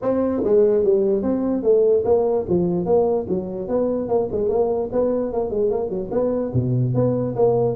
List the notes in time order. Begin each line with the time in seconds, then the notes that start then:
0.01 C4
0.44 G#3
0.84 G3
1.22 C4
1.63 A3
2.04 A#3
2.48 F3
2.85 A#3
3.28 F#3
3.68 B3
4.08 A#3
4.31 G#3
4.49 A#3
4.91 B3
5.32 A#3
5.50 G#3
5.70 A#3
5.89 F#3
6.11 B3
6.53 B2
6.94 B3
7.35 A#3